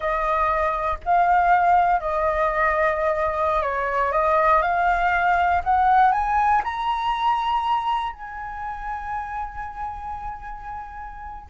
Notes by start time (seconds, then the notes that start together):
0.00 D#5
1.05 F5
2.00 D#5
3.62 C#5
4.11 D#5
4.62 F5
5.64 F#5
6.11 G#5
6.64 A#5
8.12 G#5